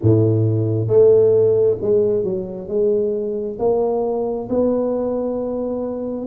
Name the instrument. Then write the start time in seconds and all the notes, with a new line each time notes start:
tuba
0.02 A2
0.87 A3
1.81 G#3
2.23 F#3
2.68 G#3
3.58 A#3
4.49 B3